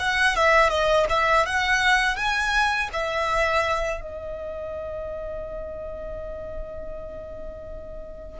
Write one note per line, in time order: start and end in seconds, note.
0.00 0.36 F#5
0.36 0.70 E5
0.70 1.06 D#5
1.10 1.46 E5
1.46 2.17 F#5
2.17 2.90 G#5
2.93 4.01 E5
4.01 8.40 D#5